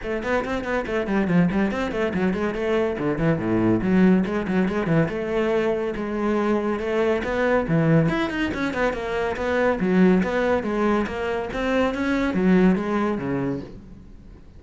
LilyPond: \new Staff \with { instrumentName = "cello" } { \time 4/4 \tempo 4 = 141 a8 b8 c'8 b8 a8 g8 f8 g8 | c'8 a8 fis8 gis8 a4 d8 e8 | a,4 fis4 gis8 fis8 gis8 e8 | a2 gis2 |
a4 b4 e4 e'8 dis'8 | cis'8 b8 ais4 b4 fis4 | b4 gis4 ais4 c'4 | cis'4 fis4 gis4 cis4 | }